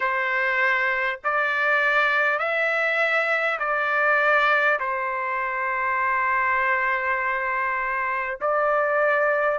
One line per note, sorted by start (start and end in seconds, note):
0.00 1.19 C5
1.24 2.38 D5
2.38 3.58 E5
3.59 4.79 D5
4.79 8.39 C5
8.41 9.58 D5